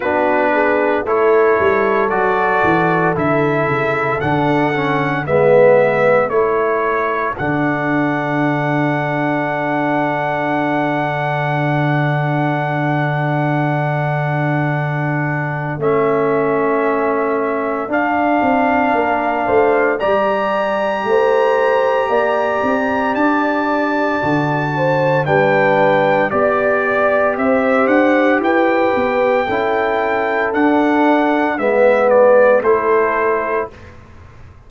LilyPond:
<<
  \new Staff \with { instrumentName = "trumpet" } { \time 4/4 \tempo 4 = 57 b'4 cis''4 d''4 e''4 | fis''4 e''4 cis''4 fis''4~ | fis''1~ | fis''2. e''4~ |
e''4 f''2 ais''4~ | ais''2 a''2 | g''4 d''4 e''8 fis''8 g''4~ | g''4 fis''4 e''8 d''8 c''4 | }
  \new Staff \with { instrumentName = "horn" } { \time 4/4 fis'8 gis'8 a'2.~ | a'4 b'4 a'2~ | a'1~ | a'1~ |
a'2 ais'8 c''8 d''4 | c''4 d''2~ d''8 c''8 | b'4 d''4 c''4 b'4 | a'2 b'4 a'4 | }
  \new Staff \with { instrumentName = "trombone" } { \time 4/4 d'4 e'4 fis'4 e'4 | d'8 cis'8 b4 e'4 d'4~ | d'1~ | d'2. cis'4~ |
cis'4 d'2 g'4~ | g'2. fis'4 | d'4 g'2. | e'4 d'4 b4 e'4 | }
  \new Staff \with { instrumentName = "tuba" } { \time 4/4 b4 a8 g8 fis8 e8 d8 cis8 | d4 gis4 a4 d4~ | d1~ | d2. a4~ |
a4 d'8 c'8 ais8 a8 g4 | a4 ais8 c'8 d'4 d4 | g4 b4 c'8 d'8 e'8 b8 | cis'4 d'4 gis4 a4 | }
>>